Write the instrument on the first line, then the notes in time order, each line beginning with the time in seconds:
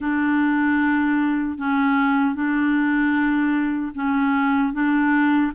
clarinet
0.00 D4
1.58 C#4
2.34 D4
3.95 C#4
4.73 D4